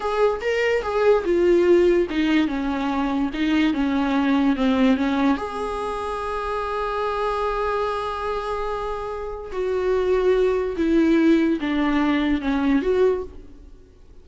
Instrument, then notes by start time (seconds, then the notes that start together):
viola
0.00 G#4
0.41 A#4
0.82 G#4
1.25 F4
2.10 D#4
2.47 C#4
3.33 D#4
3.73 C#4
4.55 C4
4.96 C#4
5.37 G#4
9.52 F#4
10.76 E4
11.60 D4
12.41 C#4
12.82 F#4